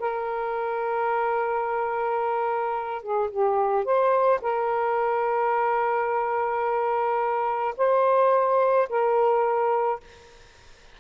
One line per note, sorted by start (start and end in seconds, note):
0.00 3.03 A#4
3.03 3.30 G#4
3.31 3.85 G4
3.85 4.40 C5
4.42 7.75 A#4
7.78 8.89 C5
8.89 10.01 A#4